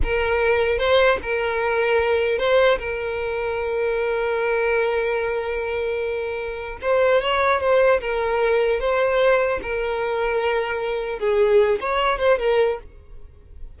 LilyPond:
\new Staff \with { instrumentName = "violin" } { \time 4/4 \tempo 4 = 150 ais'2 c''4 ais'4~ | ais'2 c''4 ais'4~ | ais'1~ | ais'1~ |
ais'4 c''4 cis''4 c''4 | ais'2 c''2 | ais'1 | gis'4. cis''4 c''8 ais'4 | }